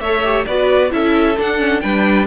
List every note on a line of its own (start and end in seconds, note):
0.00 0.46 A3
0.00 0.24 A4
0.00 0.47 C#5
0.00 0.45 E5
0.24 0.47 G4
0.46 0.93 B3
0.46 0.90 F#4
0.46 0.92 B4
0.46 0.91 D5
0.90 1.38 C#4
0.90 1.36 E4
0.90 1.83 A4
0.90 1.38 E5
1.37 1.58 D4
1.37 1.84 D4
1.37 1.81 F#5
1.58 1.81 C#4
1.81 2.27 G3
1.81 2.27 D4
1.81 2.27 B4
1.81 2.26 G5